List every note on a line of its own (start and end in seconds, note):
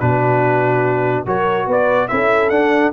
0.00 1.27 B2
0.00 1.26 D4
0.00 1.27 F#4
0.00 1.26 B4
1.26 1.67 F#3
1.26 2.10 F#4
1.26 1.67 A#4
1.26 1.70 C#5
1.67 2.09 B3
1.67 2.09 B4
1.67 2.08 D5
2.08 2.51 C#4
2.08 2.52 E4
2.08 2.93 A4
2.08 2.50 E5
2.50 2.92 D4
2.50 2.93 D4
2.50 2.92 F#5